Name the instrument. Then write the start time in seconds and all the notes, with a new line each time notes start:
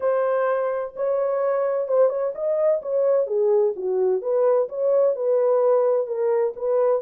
horn
0.00 C5
0.95 C#5
1.88 C5
2.09 C#5
2.34 D#5
2.82 C#5
3.26 G#4
3.76 F#4
4.21 B4
4.68 C#5
5.15 B4
6.06 A#4
6.56 B4